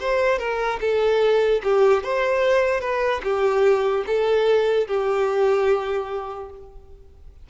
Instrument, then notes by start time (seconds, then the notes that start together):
violin
0.00 C5
0.39 A#4
0.81 A4
1.63 G4
2.03 C5
2.81 B4
3.23 G4
4.07 A4
4.88 G4